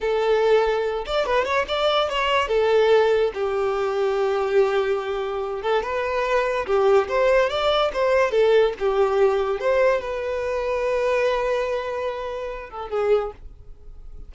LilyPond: \new Staff \with { instrumentName = "violin" } { \time 4/4 \tempo 4 = 144 a'2~ a'8 d''8 b'8 cis''8 | d''4 cis''4 a'2 | g'1~ | g'4. a'8 b'2 |
g'4 c''4 d''4 c''4 | a'4 g'2 c''4 | b'1~ | b'2~ b'8 a'8 gis'4 | }